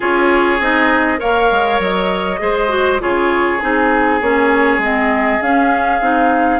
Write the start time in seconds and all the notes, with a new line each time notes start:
0.00 C#4 F4 G#4 C#5
0.59 C4 D#4 D#5
1.17 A#3 A#4 C#5 F5
1.51 G#3
1.79 F#3 D#5
2.38 G#3 G#4 C5
2.68 F#4
2.99 C#3 F4 G#4 C#5
3.60 C4 D#4 G#4
4.21 A#3 C#4 C#5
4.78 G#3 C4 D#5
5.41 C#4 F5
6.00 C4 D#4